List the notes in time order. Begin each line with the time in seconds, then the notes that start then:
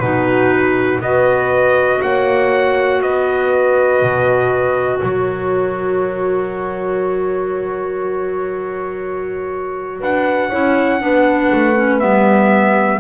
0.00 B2 D#4 F#4 B4
1.00 B3 F#4 B4 D#5
2.02 A#3 C#5 F#5
3.02 B3 B4 D#5
4.02 B2
4.99 F#3 A#4 C#5
10.00 D4 B4 F#5
10.50 C#4 E4 C#5
11.00 B3 D4 B4
11.52 A3
11.76 C#4
12.00 G3 B3 E5